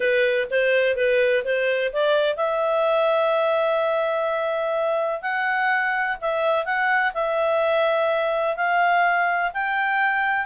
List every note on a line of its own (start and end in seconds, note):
0.00 0.48 B4
0.50 0.95 C5
0.95 1.43 B4
1.44 1.92 C5
1.93 2.36 D5
2.36 5.22 E5
5.22 6.17 F#5
6.21 6.65 E5
6.65 7.12 F#5
7.14 8.56 E5
8.56 9.51 F5
9.53 10.45 G5